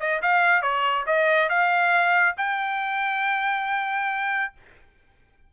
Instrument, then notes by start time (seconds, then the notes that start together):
trumpet
0.00 D#5
0.22 F5
0.62 C#5
1.06 D#5
1.49 F5
2.37 G5